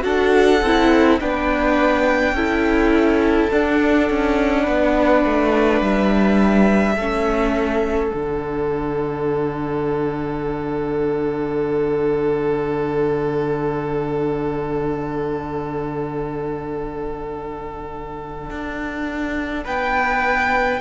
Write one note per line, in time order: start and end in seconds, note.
0.00 0.62 D4
0.00 0.58 F#4
0.00 1.20 A4
0.00 1.19 F#5
0.62 1.20 C4
0.62 1.21 E4
1.20 2.33 B3
1.20 2.36 D4
1.20 2.35 B4
1.20 3.51 G5
2.33 3.48 C#4
2.33 3.51 E4
2.33 4.63 A4
3.51 6.98 D4
3.51 4.10 D4
3.51 5.82 F#5
4.10 4.68 C#4
4.63 5.25 B3
4.63 6.94 B4
5.25 5.81 A3
5.81 6.96 G3
5.81 8.11 E5
6.96 8.12 A3
6.96 8.11 C#4
6.96 19.64 A4
8.11 18.50 D3
8.11 20.80 D4
8.11 19.65 F#5
18.50 19.66 D4
19.64 20.81 B3
19.64 20.80 B4
19.64 20.81 G5